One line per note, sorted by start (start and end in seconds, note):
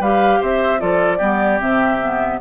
0.00 0.40 G3
0.00 0.79 G4
0.00 0.40 B4
0.00 0.42 F5
0.41 0.82 C4
0.41 0.81 C5
0.41 0.81 E5
0.79 1.21 F3
0.79 1.19 F4
0.79 1.18 A4
0.79 1.61 D5
1.18 1.61 G3
1.18 1.59 B3
1.18 2.38 G4
1.60 2.41 C3
1.60 2.00 C4
1.60 2.41 E5
2.02 2.42 B3